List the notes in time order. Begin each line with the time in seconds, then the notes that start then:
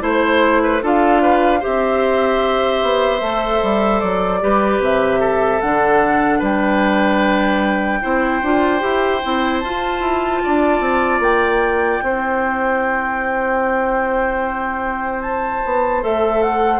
0.00 A3 E4 C5
0.62 B4
0.82 D4 F4 A4 F5
1.22 B4
1.59 C4 G4 C5 E5
2.82 B3
3.21 A3 A4
3.62 G3
4.00 F#3 D5
4.40 G3 G4 B4
4.79 C3 E5
5.20 A4
5.60 D3 D4 F#5
6.38 G3 B4 G5
8.01 C4 E4 C5
8.42 D4 F4
8.79 E4 G4
9.23 C4 E4
9.59 F4 A5
10.00 E4
10.44 D4 D5
10.79 C4
11.19 A#3 G5
12.02 C4 E4 C5
15.21 A5
15.65 B3
16.01 A3 A4 E5
16.42 F#5